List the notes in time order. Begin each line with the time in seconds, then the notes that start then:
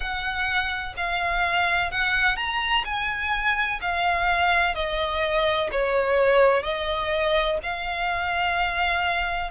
0.00 F#5
0.97 F5
1.91 F#5
2.36 A#5
2.84 G#5
3.81 F5
4.74 D#5
5.71 C#5
6.62 D#5
7.62 F5